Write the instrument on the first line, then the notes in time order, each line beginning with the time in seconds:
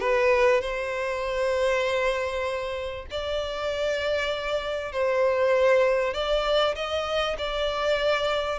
violin
0.00 B4
0.61 C5
3.10 D5
4.92 C5
6.13 D5
6.75 D#5
7.38 D5